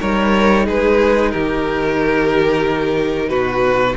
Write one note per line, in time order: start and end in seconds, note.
0.00 0.67 G3
0.00 3.96 D#4
0.00 0.65 A#4
0.00 0.66 C#5
0.65 1.33 G#3
0.65 1.31 G#4
0.65 1.31 B4
1.31 3.29 D#3
1.31 3.28 G4
1.31 3.29 A#4
3.28 3.95 B2
3.28 3.94 F#4
3.28 3.95 B4